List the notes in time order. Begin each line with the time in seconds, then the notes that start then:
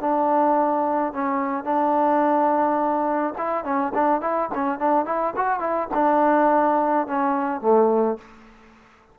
0.00 D4
1.13 C#4
1.64 D4
3.38 E4
3.64 C#4
3.94 D4
4.21 E4
4.54 C#4
4.79 D4
5.06 E4
5.36 F#4
5.60 E4
5.94 D4
7.07 C#4
7.61 A3